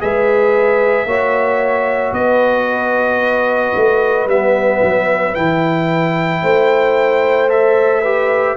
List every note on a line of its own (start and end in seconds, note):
0.00 1.05 G#3
0.00 1.07 G#4
0.00 1.08 B4
0.00 2.14 E5
1.05 2.12 A#3
1.05 4.29 F#4
1.05 2.15 C#5
2.12 3.73 B3
2.12 6.42 B4
2.12 4.28 D#5
3.75 4.26 A3
4.26 4.80 G3
4.26 5.35 B3
4.26 5.35 E5
4.83 5.36 F#3
5.35 6.43 E3
5.35 7.49 E4
5.35 7.50 G5
6.42 8.57 A3
6.42 8.02 C5
7.49 8.02 A4
7.49 8.57 E5
8.02 8.57 G4
8.02 8.55 B4